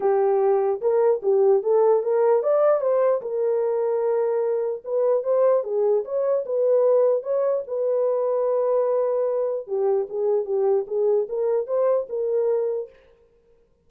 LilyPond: \new Staff \with { instrumentName = "horn" } { \time 4/4 \tempo 4 = 149 g'2 ais'4 g'4 | a'4 ais'4 d''4 c''4 | ais'1 | b'4 c''4 gis'4 cis''4 |
b'2 cis''4 b'4~ | b'1 | g'4 gis'4 g'4 gis'4 | ais'4 c''4 ais'2 | }